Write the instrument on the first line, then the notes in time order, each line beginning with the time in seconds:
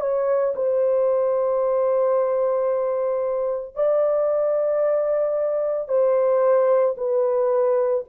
horn
0.00 C#5
0.55 C5
3.75 D5
5.88 C5
6.97 B4